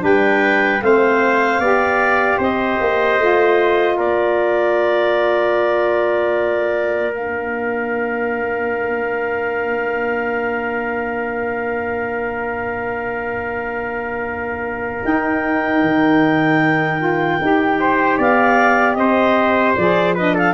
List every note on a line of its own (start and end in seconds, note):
0.00 0.82 G3
0.00 0.79 D4
0.00 0.83 B4
0.00 0.82 G5
0.82 1.59 A3
0.82 1.61 C4
0.82 1.60 C5
0.82 2.40 F5
1.59 2.38 B3
1.59 3.20 G4
1.59 2.38 D5
2.38 2.78 C4
2.38 3.96 C5
2.38 3.99 D#5
2.81 3.19 A#3
3.19 3.98 A3
3.19 7.14 F4
3.97 15.03 A#3
3.97 17.78 A#4
3.97 7.14 D5
7.14 15.03 D4
7.14 15.04 F5
15.03 17.00 D#4
15.03 15.81 D#4
15.03 18.20 G5
15.81 17.39 D#3
17.00 17.39 F4
17.41 18.19 D#4
17.41 19.78 G4
17.80 18.18 C5
18.18 18.96 B3
18.18 18.97 D5
18.18 18.94 F5
18.94 19.75 C4
18.94 20.15 C5
18.94 19.73 D#5
19.76 20.54 F3
19.76 20.17 G#4
19.76 20.15 D5
20.15 20.54 D4
20.15 20.34 B4
20.15 20.37 D#5
20.34 20.54 A4
20.34 20.54 F5